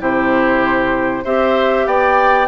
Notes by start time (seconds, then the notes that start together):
0.00 C3 E4 G4 C5
1.25 C4 G4 C5 E5
1.87 B3 D5 G5